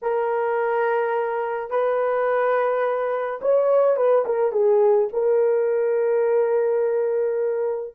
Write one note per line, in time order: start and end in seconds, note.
0.02 1.70 A#4
1.70 3.40 B4
3.41 3.96 C#5
3.96 4.25 B4
4.25 4.51 A#4
4.51 5.08 G#4
5.12 7.94 A#4